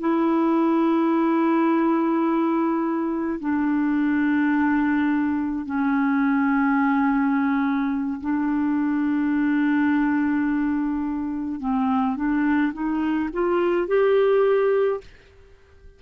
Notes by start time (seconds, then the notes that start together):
0.00 E4
3.40 D4
5.66 C#4
8.21 D4
11.60 C4
12.16 D4
12.73 D#4
13.33 F4
13.87 G4